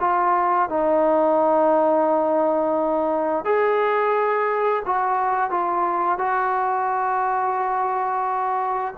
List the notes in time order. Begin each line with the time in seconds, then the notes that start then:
0.00 F4
0.69 D#4
3.45 G#4
4.86 F#4
5.50 F4
6.18 F#4